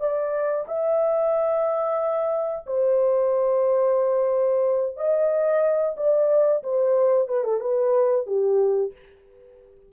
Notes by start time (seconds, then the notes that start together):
0.00 D5
0.68 E5
2.67 C5
4.97 D#5
5.97 D5
6.64 C5
7.28 B4
7.44 A4
7.61 B4
8.27 G4